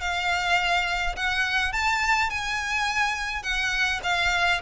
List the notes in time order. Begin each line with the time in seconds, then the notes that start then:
0.00 F5
1.16 F#5
1.72 A5
2.30 G#5
3.42 F#5
4.03 F5